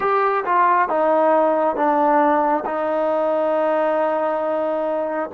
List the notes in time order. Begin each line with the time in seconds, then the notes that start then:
0.00 G4
0.45 F4
0.88 D#4
1.76 D4
2.65 D#4